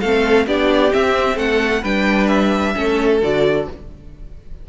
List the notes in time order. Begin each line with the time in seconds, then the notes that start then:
0.00 A3 C4 A4 F5
0.47 B3 D4 G4 D5
0.92 C4 E5
1.36 A3 A4 F#5
1.82 G3 D4 B4 G5
2.28 E5
2.75 A3 C#4 A4
3.22 D3 F#4 D5